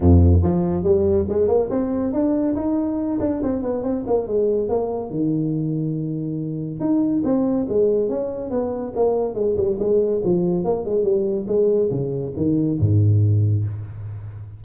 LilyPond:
\new Staff \with { instrumentName = "tuba" } { \time 4/4 \tempo 4 = 141 f,4 f4 g4 gis8 ais8 | c'4 d'4 dis'4. d'8 | c'8 b8 c'8 ais8 gis4 ais4 | dis1 |
dis'4 c'4 gis4 cis'4 | b4 ais4 gis8 g8 gis4 | f4 ais8 gis8 g4 gis4 | cis4 dis4 gis,2 | }